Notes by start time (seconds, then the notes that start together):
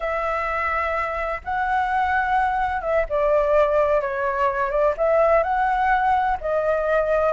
0.00 E5
1.44 F#5
2.81 E5
3.09 D5
4.01 C#5
4.70 D5
4.97 E5
5.43 F#5
6.40 D#5